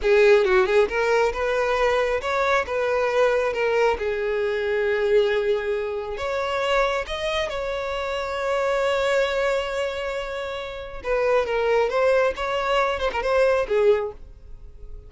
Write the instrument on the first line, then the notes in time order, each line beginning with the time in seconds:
violin
0.02 G#4
0.44 F#4
0.66 G#4
0.88 A#4
1.32 B4
2.21 C#5
2.66 B4
3.53 A#4
3.98 G#4
6.17 C#5
7.06 D#5
7.49 C#5
11.03 B4
11.46 A#4
11.89 C5
12.36 C#5
12.99 C5
13.12 A#4
13.22 C5
13.67 G#4